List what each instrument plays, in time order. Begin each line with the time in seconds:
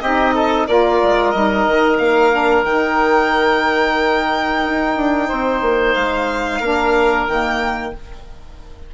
0.00 bassoon C4, saxophone D#4, oboe G4, violin D#5
0.34 oboe A4
0.67 bassoon A#3, saxophone F4, oboe A#4, violin D5
1.02 bassoon G#3
1.30 bassoon G3, saxophone D#4, violin D#5
1.67 bassoon D#3
1.98 bassoon A#3, violin F5
2.31 saxophone D4
2.63 bassoon D#3, saxophone D#4, violin G5
4.64 bassoon D#4
4.96 bassoon D4
5.27 bassoon C4, oboe C5
5.61 bassoon A#3
5.93 bassoon G#3, violin F5
6.60 bassoon A#3, saxophone D4, oboe A#4
7.27 bassoon D#3, saxophone A#3, violin G5